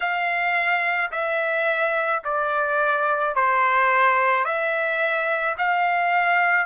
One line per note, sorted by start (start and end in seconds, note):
0.00 1.11 F5
1.11 2.22 E5
2.24 3.35 D5
3.35 4.44 C5
4.44 5.56 E5
5.58 6.66 F5